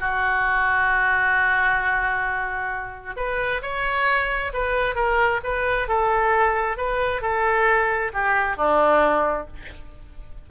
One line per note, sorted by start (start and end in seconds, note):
0.00 3.16 F#4
3.16 3.62 B4
3.62 4.52 C#5
4.53 4.95 B4
4.95 5.40 A#4
5.43 5.88 B4
5.88 6.77 A4
6.77 7.22 B4
7.22 8.12 A4
8.13 8.57 G4
8.57 9.47 D4